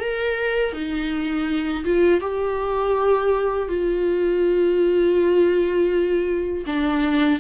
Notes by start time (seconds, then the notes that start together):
0.00 A#4
0.73 D#4
1.85 F4
2.21 G4
3.68 F4
6.66 D4